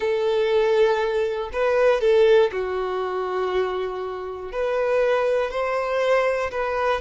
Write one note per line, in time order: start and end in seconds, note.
0.00 1.50 A4
1.52 2.00 B4
2.00 2.50 A4
2.51 4.51 F#4
4.52 5.50 B4
5.50 6.50 C5
6.51 7.01 B4